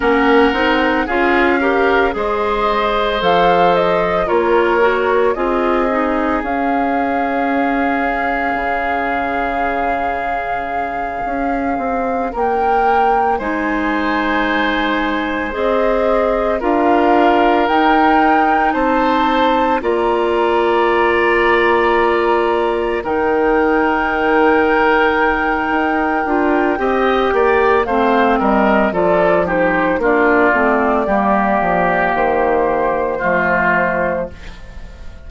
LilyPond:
<<
  \new Staff \with { instrumentName = "flute" } { \time 4/4 \tempo 4 = 56 fis''4 f''4 dis''4 f''8 dis''8 | cis''4 dis''4 f''2~ | f''2.~ f''8 g''8~ | g''8 gis''2 dis''4 f''8~ |
f''8 g''4 a''4 ais''4.~ | ais''4. g''2~ g''8~ | g''2 f''8 dis''8 d''8 c''8 | d''2 c''2 | }
  \new Staff \with { instrumentName = "oboe" } { \time 4/4 ais'4 gis'8 ais'8 c''2 | ais'4 gis'2.~ | gis'2.~ gis'8 ais'8~ | ais'8 c''2. ais'8~ |
ais'4. c''4 d''4.~ | d''4. ais'2~ ais'8~ | ais'4 dis''8 d''8 c''8 ais'8 a'8 g'8 | f'4 g'2 f'4 | }
  \new Staff \with { instrumentName = "clarinet" } { \time 4/4 cis'8 dis'8 f'8 g'8 gis'4 a'4 | f'8 fis'8 f'8 dis'8 cis'2~ | cis'1~ | cis'8 dis'2 gis'4 f'8~ |
f'8 dis'2 f'4.~ | f'4. dis'2~ dis'8~ | dis'8 f'8 g'4 c'4 f'8 dis'8 | d'8 c'8 ais2 a4 | }
  \new Staff \with { instrumentName = "bassoon" } { \time 4/4 ais8 c'8 cis'4 gis4 f4 | ais4 c'4 cis'2 | cis2~ cis8 cis'8 c'8 ais8~ | ais8 gis2 c'4 d'8~ |
d'8 dis'4 c'4 ais4.~ | ais4. dis2~ dis8 | dis'8 d'8 c'8 ais8 a8 g8 f4 | ais8 a8 g8 f8 dis4 f4 | }
>>